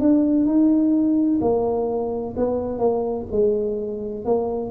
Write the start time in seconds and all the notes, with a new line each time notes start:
0.00 D4
0.46 D#4
1.41 A#3
2.37 B3
2.79 A#3
3.32 G#3
4.25 A#3